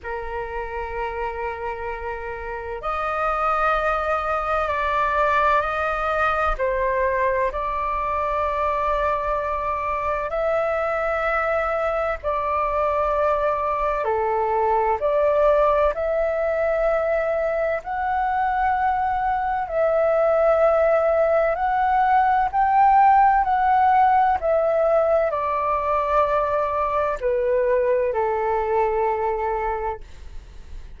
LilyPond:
\new Staff \with { instrumentName = "flute" } { \time 4/4 \tempo 4 = 64 ais'2. dis''4~ | dis''4 d''4 dis''4 c''4 | d''2. e''4~ | e''4 d''2 a'4 |
d''4 e''2 fis''4~ | fis''4 e''2 fis''4 | g''4 fis''4 e''4 d''4~ | d''4 b'4 a'2 | }